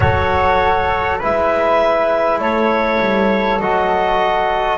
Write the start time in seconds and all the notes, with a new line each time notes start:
0.00 F#3 F#4 A4 C#5
1.19 G#3 E4 B4 E5
2.38 A3 A4 C#5
3.00 G3
3.59 F#3 F#4 D#5